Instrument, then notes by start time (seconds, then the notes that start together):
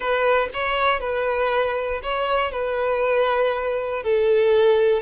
violin
0.00 B4
0.53 C#5
1.00 B4
2.02 C#5
2.51 B4
4.03 A4